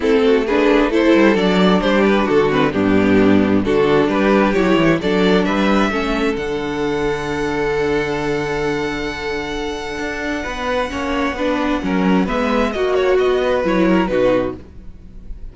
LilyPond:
<<
  \new Staff \with { instrumentName = "violin" } { \time 4/4 \tempo 4 = 132 a'4 b'4 c''4 d''4 | c''8 b'8 a'8 b'8 g'2 | a'4 b'4 cis''4 d''4 | e''2 fis''2~ |
fis''1~ | fis''1~ | fis''2. e''4 | dis''8 cis''8 dis''4 cis''4 b'4 | }
  \new Staff \with { instrumentName = "violin" } { \time 4/4 e'8 fis'8 gis'4 a'2 | g'4 fis'4 d'2 | fis'4 g'2 a'4 | b'4 a'2.~ |
a'1~ | a'2. b'4 | cis''4 b'4 ais'4 b'4 | fis'4. b'4 ais'8 fis'4 | }
  \new Staff \with { instrumentName = "viola" } { \time 4/4 c'4 d'4 e'4 d'4~ | d'4. c'8 b2 | d'2 e'4 d'4~ | d'4 cis'4 d'2~ |
d'1~ | d'1 | cis'4 d'4 cis'4 b4 | fis'2 e'4 dis'4 | }
  \new Staff \with { instrumentName = "cello" } { \time 4/4 a2~ a8 g8 fis4 | g4 d4 g,2 | d4 g4 fis8 e8 fis4 | g4 a4 d2~ |
d1~ | d2 d'4 b4 | ais4 b4 fis4 gis4 | ais4 b4 fis4 b,4 | }
>>